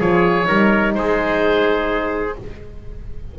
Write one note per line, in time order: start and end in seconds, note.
0.00 0.47 F3
0.00 0.44 F4
0.00 0.47 G#4
0.00 0.94 C#5
0.44 0.95 G3
0.44 2.31 D#4
0.44 0.94 A#4
0.94 2.36 G#3
0.94 2.39 G#4
0.94 2.35 C5